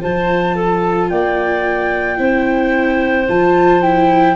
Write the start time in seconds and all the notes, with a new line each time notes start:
0.00 F3 F4 C5 A5
0.55 A4
1.09 A#3 D5 G5
2.17 C4 E4 C5
3.28 F3 F4 A5
3.82 E4 G5